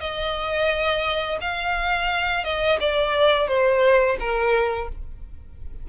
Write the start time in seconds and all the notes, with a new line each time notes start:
0.00 D#5
1.41 F5
2.44 D#5
2.80 D5
3.48 C5
4.20 A#4